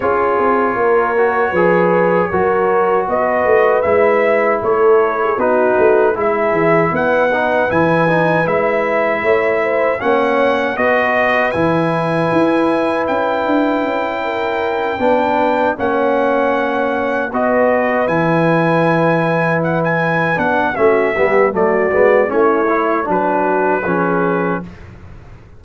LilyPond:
<<
  \new Staff \with { instrumentName = "trumpet" } { \time 4/4 \tempo 4 = 78 cis''1 | dis''4 e''4 cis''4 b'4 | e''4 fis''4 gis''4 e''4~ | e''4 fis''4 dis''4 gis''4~ |
gis''4 g''2.~ | g''8 fis''2 dis''4 gis''8~ | gis''4. fis''16 gis''8. fis''8 e''4 | d''4 cis''4 b'2 | }
  \new Staff \with { instrumentName = "horn" } { \time 4/4 gis'4 ais'4 b'4 ais'4 | b'2 a'8. gis'16 fis'4 | gis'4 b'2. | cis''8 c''8 cis''4 b'2~ |
b'2~ b'8 ais'4 b'8~ | b'8 cis''2 b'4.~ | b'2. fis'8 g'8 | fis'4 e'4 fis'4 gis'4 | }
  \new Staff \with { instrumentName = "trombone" } { \time 4/4 f'4. fis'8 gis'4 fis'4~ | fis'4 e'2 dis'4 | e'4. dis'8 e'8 dis'8 e'4~ | e'4 cis'4 fis'4 e'4~ |
e'2.~ e'8 d'8~ | d'8 cis'2 fis'4 e'8~ | e'2~ e'8 d'8 cis'8 b8 | a8 b8 cis'8 e'8 d'4 cis'4 | }
  \new Staff \with { instrumentName = "tuba" } { \time 4/4 cis'8 c'8 ais4 f4 fis4 | b8 a8 gis4 a4 b8 a8 | gis8 e8 b4 e4 gis4 | a4 ais4 b4 e4 |
e'4 cis'8 d'8 cis'4. b8~ | b8 ais2 b4 e8~ | e2~ e8 b8 a8 g8 | fis8 gis8 a4 fis4 f4 | }
>>